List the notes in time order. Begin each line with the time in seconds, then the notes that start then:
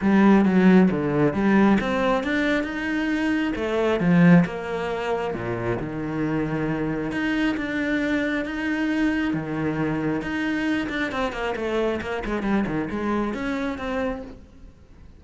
0.01 G3
0.45 F#3
0.91 D3
1.33 G3
1.80 C4
2.23 D4
2.63 D#4
3.55 A3
4.00 F3
4.45 A#3
5.34 A#2
5.79 D#3
7.11 D#4
7.56 D4
8.45 D#4
9.33 D#3
10.21 D#4
10.89 D4
11.11 C4
11.32 A#3
11.56 A3
12.01 A#3
12.25 G#3
12.42 G3
12.66 D#3
12.90 G#3
13.34 C#4
13.78 C4